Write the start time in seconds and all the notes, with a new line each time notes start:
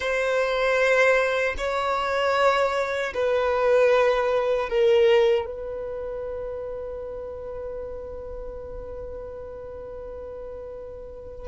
0.00 C5
1.57 C#5
3.13 B4
4.69 A#4
5.45 B4